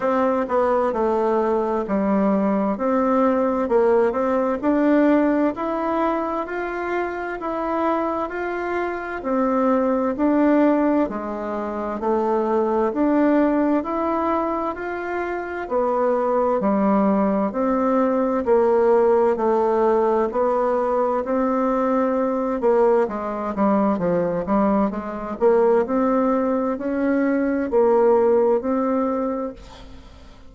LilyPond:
\new Staff \with { instrumentName = "bassoon" } { \time 4/4 \tempo 4 = 65 c'8 b8 a4 g4 c'4 | ais8 c'8 d'4 e'4 f'4 | e'4 f'4 c'4 d'4 | gis4 a4 d'4 e'4 |
f'4 b4 g4 c'4 | ais4 a4 b4 c'4~ | c'8 ais8 gis8 g8 f8 g8 gis8 ais8 | c'4 cis'4 ais4 c'4 | }